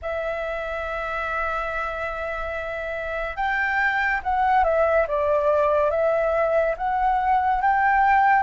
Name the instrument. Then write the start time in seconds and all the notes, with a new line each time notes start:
flute
0.02 E5
3.36 G5
4.23 F#5
4.64 E5
5.07 D5
5.90 E5
6.77 F#5
7.61 G5